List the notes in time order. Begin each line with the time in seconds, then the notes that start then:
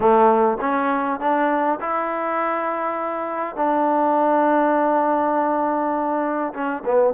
0.00 A3
0.60 C#4
1.20 D4
1.80 E4
3.56 D4
6.53 C#4
6.85 B3